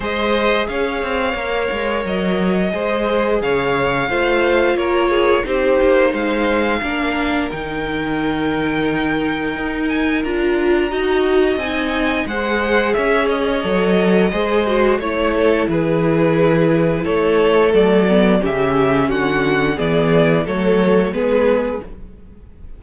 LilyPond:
<<
  \new Staff \with { instrumentName = "violin" } { \time 4/4 \tempo 4 = 88 dis''4 f''2 dis''4~ | dis''4 f''2 cis''4 | c''4 f''2 g''4~ | g''2~ g''8 gis''8 ais''4~ |
ais''4 gis''4 fis''4 e''8 dis''8~ | dis''2 cis''4 b'4~ | b'4 cis''4 d''4 e''4 | fis''4 d''4 cis''4 b'4 | }
  \new Staff \with { instrumentName = "violin" } { \time 4/4 c''4 cis''2. | c''4 cis''4 c''4 ais'8 gis'8 | g'4 c''4 ais'2~ | ais'1 |
dis''2 c''4 cis''4~ | cis''4 c''4 cis''8 a'8 gis'4~ | gis'4 a'2 g'4 | fis'4 gis'4 a'4 gis'4 | }
  \new Staff \with { instrumentName = "viola" } { \time 4/4 gis'2 ais'2 | gis'2 f'2 | dis'2 d'4 dis'4~ | dis'2. f'4 |
fis'4 dis'4 gis'2 | a'4 gis'8 fis'8 e'2~ | e'2 a8 b8 cis'4~ | cis'4 b4 a4 b4 | }
  \new Staff \with { instrumentName = "cello" } { \time 4/4 gis4 cis'8 c'8 ais8 gis8 fis4 | gis4 cis4 a4 ais4 | c'8 ais8 gis4 ais4 dis4~ | dis2 dis'4 d'4 |
dis'4 c'4 gis4 cis'4 | fis4 gis4 a4 e4~ | e4 a4 fis4 cis4 | d4 e4 fis4 gis4 | }
>>